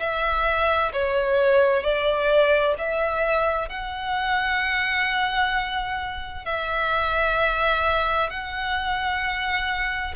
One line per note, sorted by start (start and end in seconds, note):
0.00 0.92 E5
0.93 1.83 C#5
1.83 2.75 D5
2.78 3.69 E5
3.69 6.46 F#5
6.46 8.30 E5
8.30 10.15 F#5